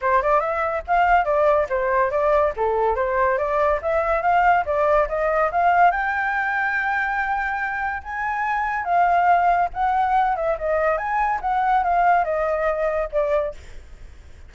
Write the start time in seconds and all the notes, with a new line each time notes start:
0.01 C5
0.22 D5
0.40 E5
0.87 F5
1.24 D5
1.69 C5
2.10 D5
2.56 A4
2.95 C5
3.37 D5
3.82 E5
4.22 F5
4.65 D5
5.08 D#5
5.51 F5
5.91 G5
8.03 G#5
8.84 F5
9.73 F#5
10.36 E5
10.58 D#5
10.97 G#5
11.41 F#5
11.83 F5
12.24 D#5
13.12 D5